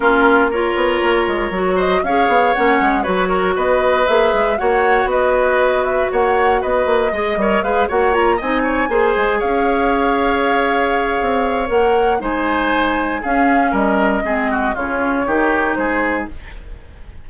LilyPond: <<
  \new Staff \with { instrumentName = "flute" } { \time 4/4 \tempo 4 = 118 ais'4 cis''2~ cis''8 dis''8 | f''4 fis''4 cis''4 dis''4 | e''4 fis''4 dis''4. e''8 | fis''4 dis''2 f''8 fis''8 |
ais''8 gis''2 f''4.~ | f''2. fis''4 | gis''2 f''4 dis''4~ | dis''4 cis''2 c''4 | }
  \new Staff \with { instrumentName = "oboe" } { \time 4/4 f'4 ais'2~ ais'8 c''8 | cis''2 b'8 ais'8 b'4~ | b'4 cis''4 b'2 | cis''4 b'4 dis''8 cis''8 b'8 cis''8~ |
cis''8 dis''8 cis''8 c''4 cis''4.~ | cis''1 | c''2 gis'4 ais'4 | gis'8 fis'8 f'4 g'4 gis'4 | }
  \new Staff \with { instrumentName = "clarinet" } { \time 4/4 cis'4 f'2 fis'4 | gis'4 cis'4 fis'2 | gis'4 fis'2.~ | fis'2 gis'8 ais'8 gis'8 fis'8 |
f'8 dis'4 gis'2~ gis'8~ | gis'2. ais'4 | dis'2 cis'2 | c'4 cis'4 dis'2 | }
  \new Staff \with { instrumentName = "bassoon" } { \time 4/4 ais4. b8 ais8 gis8 fis4 | cis'8 b8 ais8 gis8 fis4 b4 | ais8 gis8 ais4 b2 | ais4 b8 ais8 gis8 g8 gis8 ais8~ |
ais8 c'4 ais8 gis8 cis'4.~ | cis'2 c'4 ais4 | gis2 cis'4 g4 | gis4 cis4 dis4 gis4 | }
>>